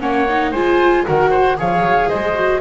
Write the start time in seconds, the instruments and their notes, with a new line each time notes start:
0.00 double bass A#3, viola C#4, oboe C#5, flute F#5
0.29 viola D#4
0.51 double bass G#3, viola F4, oboe C5, flute G#5
1.06 double bass D#3, viola F#4, oboe A#4, flute F#5
1.30 oboe C5
1.57 double bass F3, viola G#4, oboe C#5, flute F5
1.80 double bass F#3
2.09 double bass G#3, oboe C5, flute D#5
2.35 viola F#4